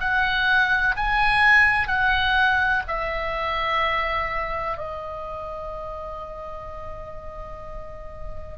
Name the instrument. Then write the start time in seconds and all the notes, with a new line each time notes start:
oboe
0.00 F#5
0.96 G#5
1.88 F#5
2.88 E5
4.78 D#5